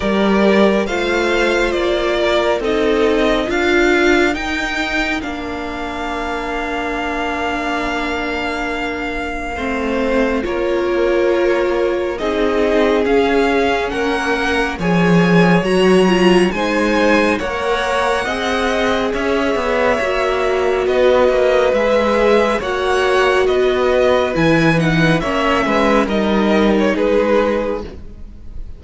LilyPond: <<
  \new Staff \with { instrumentName = "violin" } { \time 4/4 \tempo 4 = 69 d''4 f''4 d''4 dis''4 | f''4 g''4 f''2~ | f''1 | cis''2 dis''4 f''4 |
fis''4 gis''4 ais''4 gis''4 | fis''2 e''2 | dis''4 e''4 fis''4 dis''4 | gis''8 fis''8 e''4 dis''8. cis''16 b'4 | }
  \new Staff \with { instrumentName = "violin" } { \time 4/4 ais'4 c''4. ais'8 a'4 | ais'1~ | ais'2. c''4 | ais'2 gis'2 |
ais'4 cis''2 c''4 | cis''4 dis''4 cis''2 | b'2 cis''4 b'4~ | b'4 cis''8 b'8 ais'4 gis'4 | }
  \new Staff \with { instrumentName = "viola" } { \time 4/4 g'4 f'2 dis'4 | f'4 dis'4 d'2~ | d'2. c'4 | f'2 dis'4 cis'4~ |
cis'4 gis'4 fis'8 f'8 dis'4 | ais'4 gis'2 fis'4~ | fis'4 gis'4 fis'2 | e'8 dis'8 cis'4 dis'2 | }
  \new Staff \with { instrumentName = "cello" } { \time 4/4 g4 a4 ais4 c'4 | d'4 dis'4 ais2~ | ais2. a4 | ais2 c'4 cis'4 |
ais4 f4 fis4 gis4 | ais4 c'4 cis'8 b8 ais4 | b8 ais8 gis4 ais4 b4 | e4 ais8 gis8 g4 gis4 | }
>>